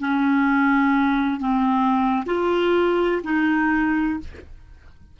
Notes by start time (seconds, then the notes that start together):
0.00 C#4
1.40 C4
2.26 F4
3.24 D#4